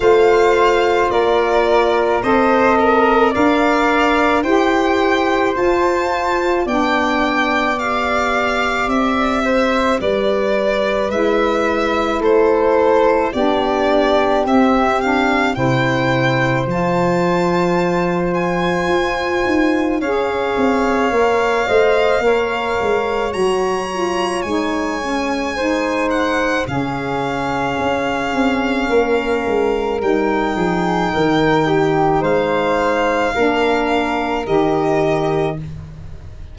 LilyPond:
<<
  \new Staff \with { instrumentName = "violin" } { \time 4/4 \tempo 4 = 54 f''4 d''4 c''8 ais'8 f''4 | g''4 a''4 g''4 f''4 | e''4 d''4 e''4 c''4 | d''4 e''8 f''8 g''4 a''4~ |
a''8 gis''4. f''2~ | f''4 ais''4 gis''4. fis''8 | f''2. g''4~ | g''4 f''2 dis''4 | }
  \new Staff \with { instrumentName = "flute" } { \time 4/4 c''4 ais'4 dis''4 d''4 | c''2 d''2~ | d''8 c''8 b'2 a'4 | g'2 c''2~ |
c''2 cis''4. dis''8 | cis''2. c''4 | gis'2 ais'4. gis'8 | ais'8 g'8 c''4 ais'2 | }
  \new Staff \with { instrumentName = "saxophone" } { \time 4/4 f'2 a'4 ais'4 | g'4 f'4 d'4 g'4~ | g'2 e'2 | d'4 c'8 d'8 e'4 f'4~ |
f'2 gis'4 ais'8 c''8 | ais'4 fis'8 f'8 dis'8 cis'8 dis'4 | cis'2. dis'4~ | dis'2 d'4 g'4 | }
  \new Staff \with { instrumentName = "tuba" } { \time 4/4 a4 ais4 c'4 d'4 | e'4 f'4 b2 | c'4 g4 gis4 a4 | b4 c'4 c4 f4~ |
f4 f'8 dis'8 cis'8 c'8 ais8 a8 | ais8 gis8 fis4 gis2 | cis4 cis'8 c'8 ais8 gis8 g8 f8 | dis4 gis4 ais4 dis4 | }
>>